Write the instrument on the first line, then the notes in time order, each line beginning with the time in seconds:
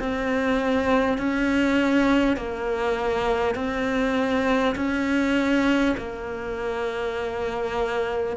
cello
0.00 C4
1.18 C#4
2.37 A#3
3.56 C4
4.76 C#4
5.98 A#3